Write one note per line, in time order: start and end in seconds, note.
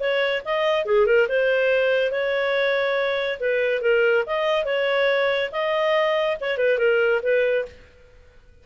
0.00 0.43 C#5
0.45 0.85 D#5
0.85 1.07 G#4
1.07 1.28 A#4
1.29 2.12 C5
2.12 3.39 C#5
3.40 3.82 B4
3.82 4.24 A#4
4.26 4.65 D#5
4.65 5.50 C#5
5.52 6.37 D#5
6.41 6.58 C#5
6.58 6.79 B4
6.79 7.21 A#4
7.23 7.66 B4